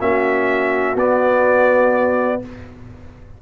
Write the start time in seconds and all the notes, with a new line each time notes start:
0.00 A#3 C#4 F#4 E5
0.96 B3 D5